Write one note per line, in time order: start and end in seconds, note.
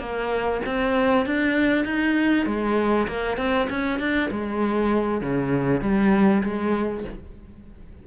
0.00 0.61 A#3
0.66 1.26 C4
1.26 1.85 D4
1.85 2.46 D#4
2.46 3.08 G#3
3.08 3.38 A#3
3.38 3.68 C4
3.70 4.00 C#4
4.00 4.30 D4
4.31 5.22 G#3
5.22 5.82 C#3
5.82 6.43 G3
6.43 7.05 G#3